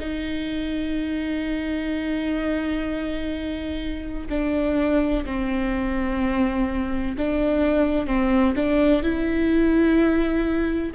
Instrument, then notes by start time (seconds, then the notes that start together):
viola
0.00 D#4
4.30 D4
5.26 C4
7.18 D4
8.07 C4
8.56 D4
9.03 E4